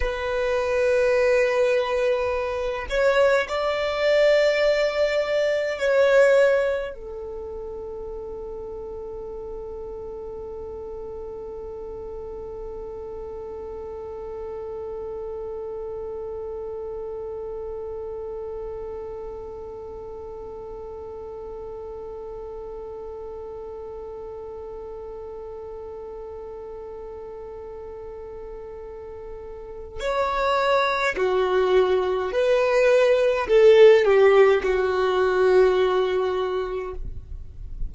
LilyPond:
\new Staff \with { instrumentName = "violin" } { \time 4/4 \tempo 4 = 52 b'2~ b'8 cis''8 d''4~ | d''4 cis''4 a'2~ | a'1~ | a'1~ |
a'1~ | a'1~ | a'2 cis''4 fis'4 | b'4 a'8 g'8 fis'2 | }